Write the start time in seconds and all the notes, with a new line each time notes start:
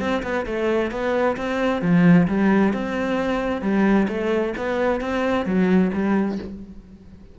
0.00 C4
0.23 B3
0.46 A3
0.91 B3
1.37 C4
1.82 F3
2.28 G3
2.74 C4
3.62 G3
4.08 A3
4.58 B3
5.01 C4
5.46 F#3
5.93 G3